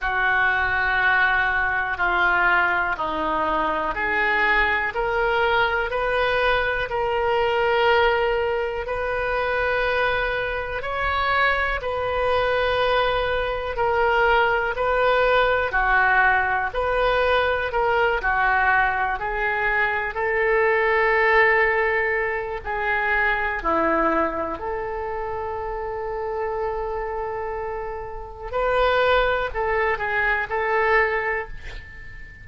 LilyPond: \new Staff \with { instrumentName = "oboe" } { \time 4/4 \tempo 4 = 61 fis'2 f'4 dis'4 | gis'4 ais'4 b'4 ais'4~ | ais'4 b'2 cis''4 | b'2 ais'4 b'4 |
fis'4 b'4 ais'8 fis'4 gis'8~ | gis'8 a'2~ a'8 gis'4 | e'4 a'2.~ | a'4 b'4 a'8 gis'8 a'4 | }